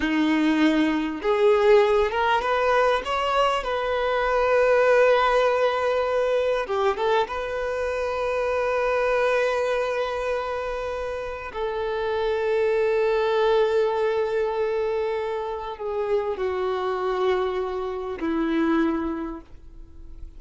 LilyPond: \new Staff \with { instrumentName = "violin" } { \time 4/4 \tempo 4 = 99 dis'2 gis'4. ais'8 | b'4 cis''4 b'2~ | b'2. g'8 a'8 | b'1~ |
b'2. a'4~ | a'1~ | a'2 gis'4 fis'4~ | fis'2 e'2 | }